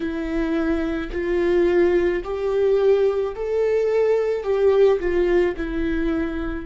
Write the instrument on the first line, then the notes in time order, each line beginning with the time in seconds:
viola
0.00 E4
1.12 F4
2.23 G4
3.35 A4
4.43 G4
4.99 F4
5.57 E4